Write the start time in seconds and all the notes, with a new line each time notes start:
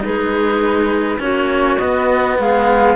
0.00 G#3 D#4 G#4 B4
1.19 A#3 C#4 F#4 C#5
1.78 B3 D#5
2.37 G#3 G#4 F5